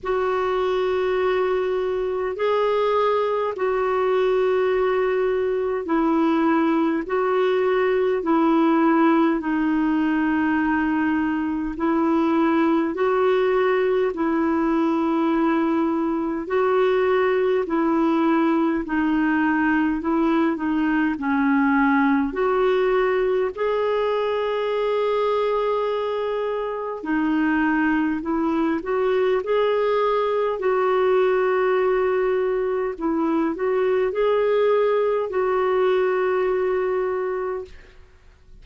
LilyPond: \new Staff \with { instrumentName = "clarinet" } { \time 4/4 \tempo 4 = 51 fis'2 gis'4 fis'4~ | fis'4 e'4 fis'4 e'4 | dis'2 e'4 fis'4 | e'2 fis'4 e'4 |
dis'4 e'8 dis'8 cis'4 fis'4 | gis'2. dis'4 | e'8 fis'8 gis'4 fis'2 | e'8 fis'8 gis'4 fis'2 | }